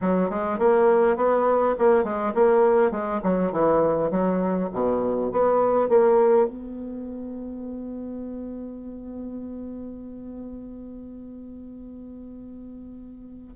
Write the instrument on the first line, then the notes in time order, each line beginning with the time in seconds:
bassoon
0.01 F#3
0.29 G#3
0.58 A#3
1.16 B3
1.78 A#3
2.03 G#3
2.34 A#3
2.91 G#3
3.23 F#3
3.52 E3
4.10 F#3
4.72 B2
5.31 B3
5.89 A#3
6.47 B3